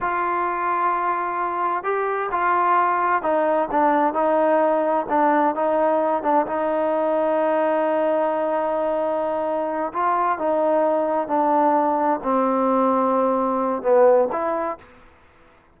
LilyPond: \new Staff \with { instrumentName = "trombone" } { \time 4/4 \tempo 4 = 130 f'1 | g'4 f'2 dis'4 | d'4 dis'2 d'4 | dis'4. d'8 dis'2~ |
dis'1~ | dis'4. f'4 dis'4.~ | dis'8 d'2 c'4.~ | c'2 b4 e'4 | }